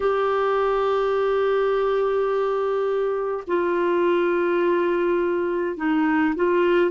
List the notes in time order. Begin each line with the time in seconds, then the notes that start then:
0.00 G4
3.47 F4
5.76 D#4
6.35 F4